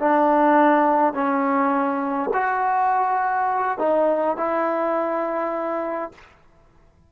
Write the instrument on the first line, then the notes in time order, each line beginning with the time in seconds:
trombone
0.00 D4
1.14 C#4
2.34 F#4
3.79 D#4
4.37 E4